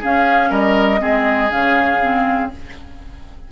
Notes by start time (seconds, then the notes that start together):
0.00 C#4 G#4 F5
0.50 G3 A#4 D#5
0.99 G#3 C4 G#4
1.51 C#3 C#4 F5
2.02 C4